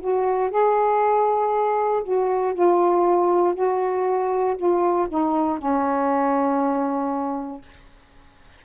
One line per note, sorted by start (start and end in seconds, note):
0.00 0.50 F#4
0.50 2.03 G#4
2.03 2.54 F#4
2.54 3.54 F4
3.54 4.56 F#4
4.57 5.08 F4
5.08 5.58 D#4
5.58 7.61 C#4